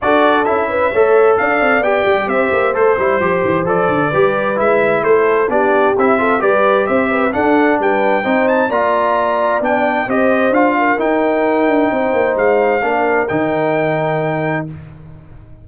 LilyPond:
<<
  \new Staff \with { instrumentName = "trumpet" } { \time 4/4 \tempo 4 = 131 d''4 e''2 f''4 | g''4 e''4 c''2 | d''2 e''4 c''4 | d''4 e''4 d''4 e''4 |
fis''4 g''4. a''8 ais''4~ | ais''4 g''4 dis''4 f''4 | g''2. f''4~ | f''4 g''2. | }
  \new Staff \with { instrumentName = "horn" } { \time 4/4 a'4. b'8 cis''4 d''4~ | d''4 c''2.~ | c''4 b'2 a'4 | g'4. a'8 b'4 c''8 b'8 |
a'4 b'4 c''4 d''4~ | d''2 c''4. ais'8~ | ais'2 c''2 | ais'1 | }
  \new Staff \with { instrumentName = "trombone" } { \time 4/4 fis'4 e'4 a'2 | g'2 a'8 e'8 g'4 | a'4 g'4 e'2 | d'4 e'8 f'8 g'2 |
d'2 dis'4 f'4~ | f'4 d'4 g'4 f'4 | dis'1 | d'4 dis'2. | }
  \new Staff \with { instrumentName = "tuba" } { \time 4/4 d'4 cis'4 a4 d'8 c'8 | b8 g8 c'8 ais8 a8 g8 f8 e8 | f8 d8 g4 gis4 a4 | b4 c'4 g4 c'4 |
d'4 g4 c'4 ais4~ | ais4 b4 c'4 d'4 | dis'4. d'8 c'8 ais8 gis4 | ais4 dis2. | }
>>